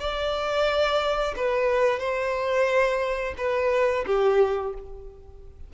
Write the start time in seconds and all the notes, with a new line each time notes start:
0.00 D5
1.36 B4
1.99 C5
3.38 B4
4.06 G4